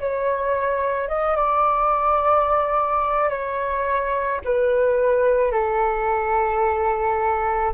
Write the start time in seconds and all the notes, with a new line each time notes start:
0.00 C#5
1.09 D#5
1.37 D5
3.30 C#5
4.45 B4
5.52 A4